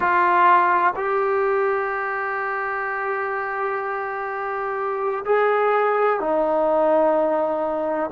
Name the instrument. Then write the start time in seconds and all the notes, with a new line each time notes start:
trombone
0.00 F4
0.95 G4
5.25 G#4
6.19 D#4